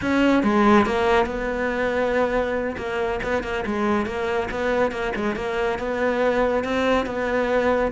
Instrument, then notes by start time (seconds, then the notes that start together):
cello
0.01 C#4
0.43 G#3
0.86 A#3
1.26 B3
2.77 A#3
3.23 B3
3.43 A#3
3.65 G#3
4.06 A#3
4.50 B3
4.91 A#3
5.15 G#3
5.35 A#3
5.78 B3
6.64 C4
7.06 B3